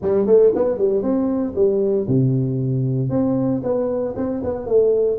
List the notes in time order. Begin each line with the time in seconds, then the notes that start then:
0.01 G3
0.26 A3
0.55 B3
0.78 G3
1.02 C4
1.55 G3
2.07 C3
3.09 C4
3.63 B3
4.16 C4
4.43 B3
4.66 A3